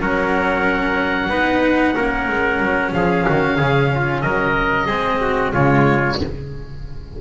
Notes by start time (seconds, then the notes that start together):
0.00 F#3 C#4 A#4 F#5
1.29 B3 D#4 B4
1.95 A#3 C#4 A#4
2.28 G#3
2.60 F#3
2.93 F3 G#4 F5
3.25 D#3 F#4
3.56 C#3 G#4
3.95 F4
4.21 F#3 A#4 D#5
4.86 G#3 C4 G#4
5.21 F#4
5.53 C#3 G#3 F4 C#5